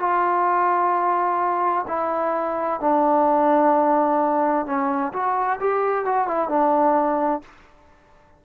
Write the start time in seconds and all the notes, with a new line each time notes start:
0.00 F4
1.88 E4
2.81 D4
4.66 C#4
5.13 F#4
5.60 G4
6.06 F#4
6.28 E4
6.49 D4